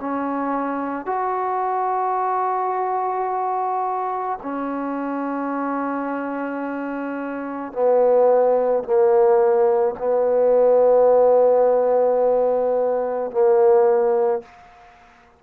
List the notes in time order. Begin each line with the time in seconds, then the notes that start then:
0.00 C#4
1.06 F#4
4.42 C#4
7.72 B3
8.84 A#3
9.98 B3
13.31 A#3